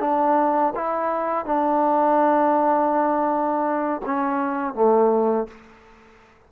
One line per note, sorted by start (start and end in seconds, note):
0.00 0.73 D4
0.75 1.45 E4
1.45 4.01 D4
4.05 4.74 C#4
4.74 5.47 A3